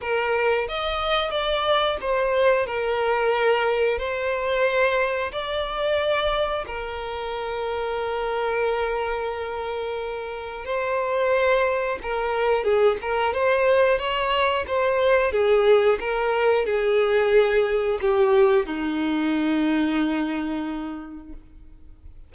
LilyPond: \new Staff \with { instrumentName = "violin" } { \time 4/4 \tempo 4 = 90 ais'4 dis''4 d''4 c''4 | ais'2 c''2 | d''2 ais'2~ | ais'1 |
c''2 ais'4 gis'8 ais'8 | c''4 cis''4 c''4 gis'4 | ais'4 gis'2 g'4 | dis'1 | }